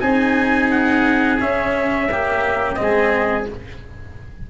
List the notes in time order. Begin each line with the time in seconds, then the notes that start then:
0.00 C4 D#4 G#4 G#5
0.71 F#5
1.40 C#4 E5
2.11 A#3 G4
2.76 G#3 C4 D#5
2.82 G#4